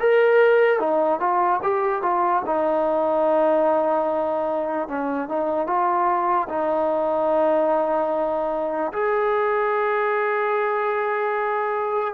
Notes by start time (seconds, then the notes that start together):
0.00 A#4
0.79 D#4
1.19 F4
1.63 G4
2.02 F4
2.46 D#4
4.88 C#4
5.29 D#4
5.66 F4
6.49 D#4
8.92 G#4